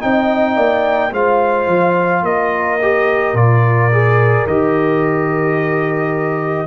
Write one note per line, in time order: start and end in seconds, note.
0.00 0.57 C4
0.00 1.11 D#4
0.00 0.56 D#5
0.00 1.12 G5
0.56 1.11 A#3
0.56 1.12 D5
1.11 1.67 G#3
1.11 2.78 F4
1.11 2.24 C5
1.11 2.25 F5
1.67 2.22 F3
2.22 3.33 A#3
2.22 6.67 A#4
2.22 3.36 D#5
2.82 3.35 G4
3.33 4.44 A#2
3.33 3.91 F4
3.33 4.47 D5
3.92 4.47 G#4
4.47 6.67 D#3
4.47 6.67 G4
4.47 6.67 D#5